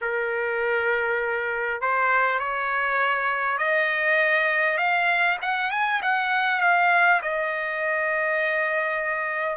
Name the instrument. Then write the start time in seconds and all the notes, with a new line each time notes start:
trumpet
0.01 A#4
1.81 C5
2.39 C#5
3.57 D#5
4.77 F5
5.41 F#5
5.71 G#5
6.02 F#5
6.61 F5
7.22 D#5